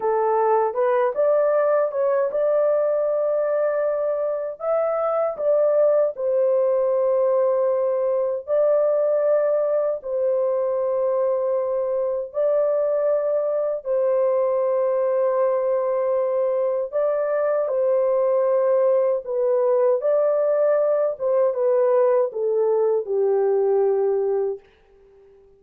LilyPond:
\new Staff \with { instrumentName = "horn" } { \time 4/4 \tempo 4 = 78 a'4 b'8 d''4 cis''8 d''4~ | d''2 e''4 d''4 | c''2. d''4~ | d''4 c''2. |
d''2 c''2~ | c''2 d''4 c''4~ | c''4 b'4 d''4. c''8 | b'4 a'4 g'2 | }